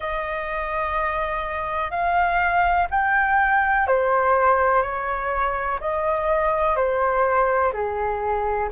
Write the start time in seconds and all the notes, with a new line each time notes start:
0.00 D#5
1.90 F5
2.90 G5
3.87 C5
4.82 C#5
5.80 D#5
6.75 C5
7.72 G#4